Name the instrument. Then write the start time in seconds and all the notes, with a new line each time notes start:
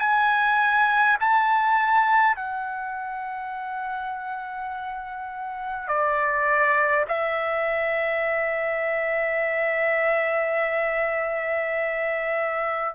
trumpet
0.00 G#5
1.21 A5
2.37 F#5
5.88 D5
7.09 E5